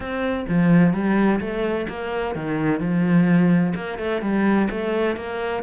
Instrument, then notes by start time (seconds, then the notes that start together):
cello
0.00 C4
0.48 F3
0.93 G3
1.40 A3
1.89 A#3
2.35 D#3
2.80 F3
3.75 A#3
3.98 A3
4.21 G3
4.70 A3
5.16 A#3